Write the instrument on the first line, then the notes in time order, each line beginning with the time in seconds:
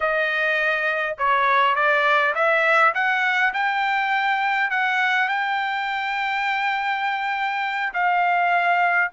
trumpet
0.00 D#5
1.18 C#5
1.75 D5
2.34 E5
2.94 F#5
3.53 G5
4.70 F#5
5.28 G5
7.93 F5